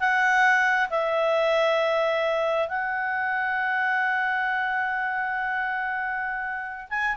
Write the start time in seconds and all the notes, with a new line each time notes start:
0.00 F#5
0.90 E5
2.69 F#5
6.90 G#5